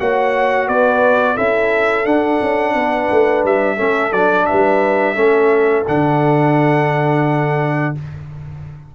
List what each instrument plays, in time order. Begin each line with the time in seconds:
0.00 tuba A#3, trombone F#4, horn C#5, trumpet F#5
0.68 tuba B3, horn B4, trumpet D5
1.35 tuba C#4, trombone E4, horn A4, trumpet E5
2.05 tuba D4, trombone D4, trumpet F#5
2.42 tuba C#4
2.75 tuba B3, horn B4
3.11 tuba A3
3.45 tuba G3, trumpet E5
3.76 tuba A3, trombone C#4, horn A4
4.12 tuba F#3, trombone D4, trumpet D5
4.46 horn B4, trumpet E5
4.52 tuba G3
5.15 tuba A3, trombone C#4, horn A4
5.88 tuba D3, trombone D4, trumpet F#5